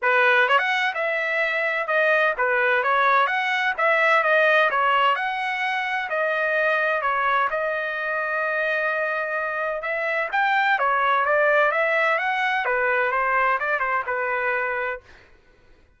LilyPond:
\new Staff \with { instrumentName = "trumpet" } { \time 4/4 \tempo 4 = 128 b'4 cis''16 fis''8. e''2 | dis''4 b'4 cis''4 fis''4 | e''4 dis''4 cis''4 fis''4~ | fis''4 dis''2 cis''4 |
dis''1~ | dis''4 e''4 g''4 cis''4 | d''4 e''4 fis''4 b'4 | c''4 d''8 c''8 b'2 | }